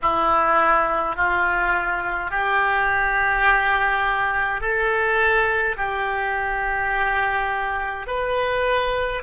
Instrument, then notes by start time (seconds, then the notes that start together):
oboe
0.02 E4
1.15 F4
2.31 G4
4.60 A4
5.76 G4
8.07 B4